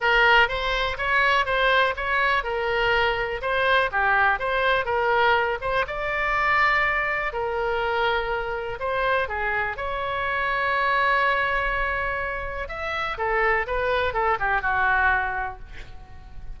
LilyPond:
\new Staff \with { instrumentName = "oboe" } { \time 4/4 \tempo 4 = 123 ais'4 c''4 cis''4 c''4 | cis''4 ais'2 c''4 | g'4 c''4 ais'4. c''8 | d''2. ais'4~ |
ais'2 c''4 gis'4 | cis''1~ | cis''2 e''4 a'4 | b'4 a'8 g'8 fis'2 | }